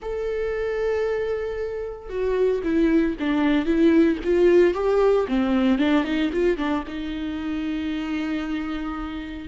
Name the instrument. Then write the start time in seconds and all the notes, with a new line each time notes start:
viola
0.02 A4
2.09 F#4
2.63 E4
3.19 D4
3.65 E4
4.24 F4
4.74 G4
5.28 C4
5.78 D4
6.04 D#4
6.32 F4
6.57 D4
6.87 D#4